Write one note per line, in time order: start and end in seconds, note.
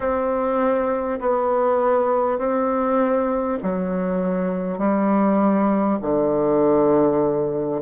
0.00 1.19 C4
1.20 2.38 B3
2.38 3.58 C4
3.62 4.78 F#3
4.78 5.98 G3
6.01 7.81 D3